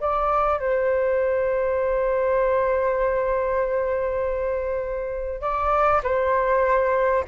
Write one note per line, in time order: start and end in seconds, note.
0.00 0.60 D5
0.60 5.41 C5
5.41 6.01 D5
6.03 7.24 C5